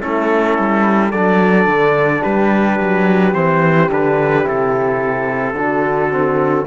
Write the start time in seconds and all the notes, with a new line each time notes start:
0.00 A3 C#4 E4 A4
0.58 G3
1.10 F#3 D4 A4 D5
1.67 D3
2.22 G3 G4 B4
2.80 F#3
3.34 E3 C4 C5
3.89 D3 D4 B4
4.43 C3 E4 A4
5.54 D3 D4 F#4
6.11 C4